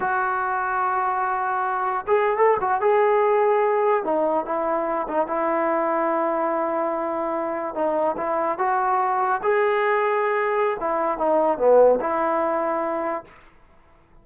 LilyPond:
\new Staff \with { instrumentName = "trombone" } { \time 4/4 \tempo 4 = 145 fis'1~ | fis'4 gis'8. a'8 fis'8 gis'4~ gis'16~ | gis'4.~ gis'16 dis'4 e'4~ e'16~ | e'16 dis'8 e'2.~ e'16~ |
e'2~ e'8. dis'4 e'16~ | e'8. fis'2 gis'4~ gis'16~ | gis'2 e'4 dis'4 | b4 e'2. | }